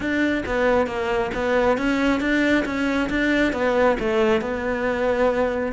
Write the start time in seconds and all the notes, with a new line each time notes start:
0.00 D4
0.46 B3
0.86 A#3
1.34 B3
1.77 C#4
2.20 D4
2.65 C#4
3.09 D4
3.52 B3
3.99 A3
4.41 B3